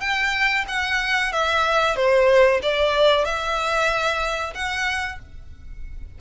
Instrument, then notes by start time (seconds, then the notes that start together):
violin
0.00 G5
0.68 F#5
1.32 E5
1.96 C5
2.62 D5
3.25 E5
4.54 F#5